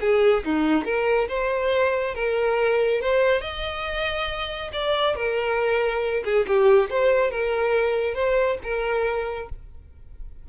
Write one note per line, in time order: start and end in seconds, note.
0.00 0.43 G#4
0.44 0.84 D#4
0.84 1.28 A#4
1.28 2.14 C5
2.14 3.01 A#4
3.01 3.41 C5
3.41 4.70 D#5
4.72 5.15 D5
5.15 6.23 A#4
6.24 6.46 G#4
6.47 6.90 G4
6.90 7.30 C5
7.30 8.14 A#4
8.14 8.57 C5
8.63 9.49 A#4